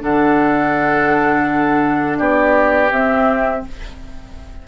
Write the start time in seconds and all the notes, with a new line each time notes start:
0.00 D3 D4 A4 F#5
2.18 B3 G4 D5
2.91 C4 E5